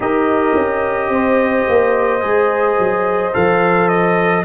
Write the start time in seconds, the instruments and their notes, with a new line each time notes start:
0.00 tuba D#4, trombone G4, horn A#4, trumpet D#5
0.54 tuba C#4
1.09 tuba C4, horn C5
1.68 tuba A#3
2.20 tuba G#3, trombone G#4
2.78 tuba F#3
3.33 tuba F3, trombone A4, trumpet F5
3.88 trumpet D#5